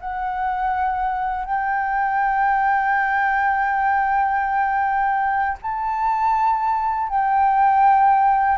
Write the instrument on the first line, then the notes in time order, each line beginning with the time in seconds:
flute
0.00 F#5
1.45 G5
5.62 A5
7.08 G5